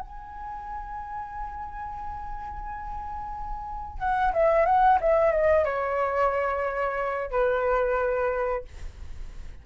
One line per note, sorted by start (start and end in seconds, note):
0.00 3.99 G#5
3.99 4.32 F#5
4.33 4.65 E5
4.65 4.99 F#5
5.01 5.32 E5
5.32 5.65 D#5
5.65 7.31 C#5
7.31 8.64 B4